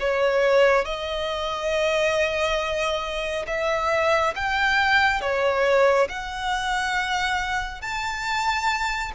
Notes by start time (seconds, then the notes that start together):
0.00 C#5
0.85 D#5
3.47 E5
4.36 G5
5.21 C#5
6.09 F#5
7.81 A5